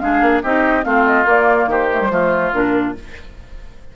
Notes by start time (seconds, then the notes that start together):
0.00 G#3 D4 G#4 F5
0.22 A#3
0.43 C4 D#4 G4 D#5
0.84 A3 C4 F4 F5
1.06 D#5
1.25 A#3 D5
1.67 D#3 G4 C5
1.92 A3
2.01 G3
2.11 F3 A3 F4
2.53 A#2 D4 A#4